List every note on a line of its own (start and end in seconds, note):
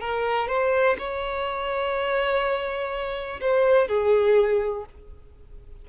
0.00 0.48 A#4
0.48 0.96 C5
0.98 3.40 C#5
3.40 3.88 C5
3.88 4.85 G#4